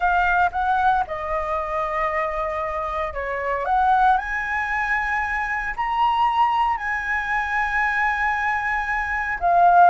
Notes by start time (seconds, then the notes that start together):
0.00 F5
0.52 F#5
1.07 D#5
3.13 C#5
3.65 F#5
4.17 G#5
5.76 A#5
6.77 G#5
9.40 F5